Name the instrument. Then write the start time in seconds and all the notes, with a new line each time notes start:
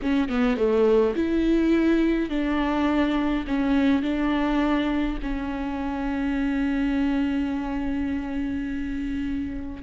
viola
0.02 C#4
0.28 B3
0.56 A3
1.15 E4
2.29 D4
3.47 C#4
4.02 D4
5.22 C#4